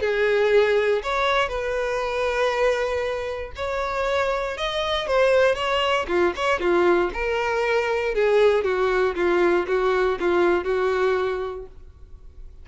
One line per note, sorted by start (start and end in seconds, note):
0.00 1.02 G#4
1.02 1.48 C#5
1.48 3.52 B4
3.55 4.57 C#5
4.57 5.07 D#5
5.07 5.55 C5
5.55 6.06 C#5
6.07 6.33 F4
6.36 6.59 C#5
6.59 7.10 F4
7.13 8.14 A#4
8.14 8.64 G#4
8.64 9.15 F#4
9.15 9.66 F4
9.67 10.18 F#4
10.19 10.64 F4
10.64 11.66 F#4